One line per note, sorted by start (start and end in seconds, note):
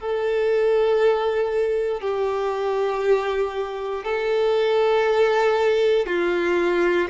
0.00 2.01 A4
2.01 4.04 G4
4.04 6.06 A4
6.06 7.08 F4